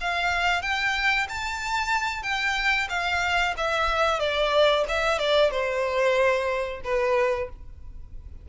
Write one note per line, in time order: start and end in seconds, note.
0.00 0.62 F5
0.62 1.27 G5
1.28 2.22 A5
2.22 2.88 G5
2.89 3.54 F5
3.57 4.19 E5
4.19 4.85 D5
4.88 5.19 E5
5.19 5.50 D5
5.50 6.81 C5
6.84 7.49 B4